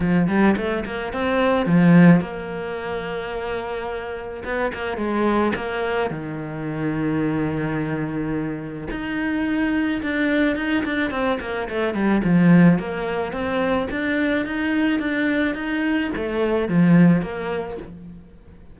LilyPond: \new Staff \with { instrumentName = "cello" } { \time 4/4 \tempo 4 = 108 f8 g8 a8 ais8 c'4 f4 | ais1 | b8 ais8 gis4 ais4 dis4~ | dis1 |
dis'2 d'4 dis'8 d'8 | c'8 ais8 a8 g8 f4 ais4 | c'4 d'4 dis'4 d'4 | dis'4 a4 f4 ais4 | }